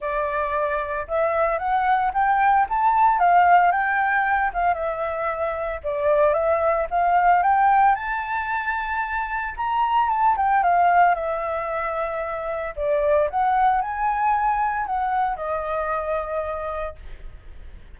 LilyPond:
\new Staff \with { instrumentName = "flute" } { \time 4/4 \tempo 4 = 113 d''2 e''4 fis''4 | g''4 a''4 f''4 g''4~ | g''8 f''8 e''2 d''4 | e''4 f''4 g''4 a''4~ |
a''2 ais''4 a''8 g''8 | f''4 e''2. | d''4 fis''4 gis''2 | fis''4 dis''2. | }